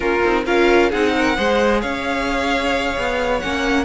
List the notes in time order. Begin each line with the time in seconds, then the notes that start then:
0.00 A#3 C#4 F4 A#4
0.24 C4 D#4
0.46 C#4 F4 A#4 F5
0.90 C4 D#4 G#4 F#5
1.16 A#4
1.36 G#3 G#4 C5
1.80 C#4 C#5 F5
2.97 B3
3.39 A#3 C#4 F#5